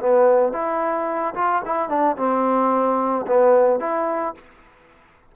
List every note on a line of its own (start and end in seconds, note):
0.00 0.53 B3
0.53 1.35 E4
1.35 1.62 F4
1.66 1.89 E4
1.89 2.17 D4
2.17 3.26 C4
3.27 3.80 B3
3.80 4.35 E4